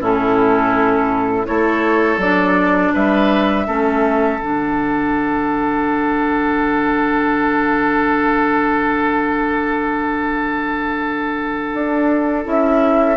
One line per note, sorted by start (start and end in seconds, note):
0.00 1.47 A2
0.00 1.45 C#4
0.00 1.46 E4
0.00 1.46 A4
1.45 2.17 A3
1.45 2.18 E4
1.45 2.93 A4
1.45 2.19 C#5
2.17 2.90 F#3
2.17 3.67 D4
2.17 2.94 D5
2.93 3.67 G3
2.93 3.66 B4
2.93 4.41 E5
3.67 4.38 A3
3.67 4.40 C#4
3.67 13.17 A4
4.38 11.70 D3
4.38 12.45 D4
4.38 12.45 F#5
11.74 12.46 D4
12.45 13.17 C#4
12.45 13.17 E4
12.45 13.17 E5